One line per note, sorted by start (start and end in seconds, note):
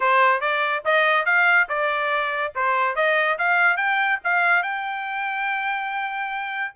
0.00 0.40 C5
0.40 0.83 D5
0.85 1.25 D#5
1.25 1.67 F5
1.68 2.53 D5
2.55 2.95 C5
2.95 3.37 D#5
3.38 3.76 F5
3.76 4.19 G5
4.23 4.62 F5
4.62 6.74 G5